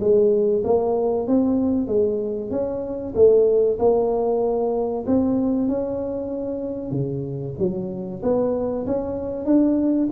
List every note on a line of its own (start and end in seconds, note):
0.00 0.63 G#3
0.64 1.27 A#3
1.27 1.87 C4
1.87 2.51 G#3
2.51 3.14 C#4
3.15 3.78 A3
3.79 5.05 A#3
5.06 5.68 C4
5.68 6.91 C#4
6.91 7.54 C#3
7.59 8.22 F#3
8.22 8.86 B3
8.87 9.45 C#4
9.45 10.09 D4